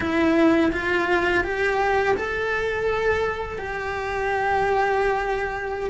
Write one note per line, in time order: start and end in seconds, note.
0.00 0.71 E4
0.72 1.44 F4
1.44 2.15 G4
2.16 3.58 A4
3.58 5.90 G4